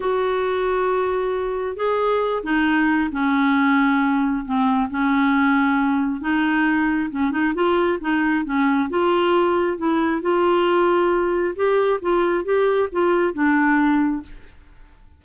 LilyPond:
\new Staff \with { instrumentName = "clarinet" } { \time 4/4 \tempo 4 = 135 fis'1 | gis'4. dis'4. cis'4~ | cis'2 c'4 cis'4~ | cis'2 dis'2 |
cis'8 dis'8 f'4 dis'4 cis'4 | f'2 e'4 f'4~ | f'2 g'4 f'4 | g'4 f'4 d'2 | }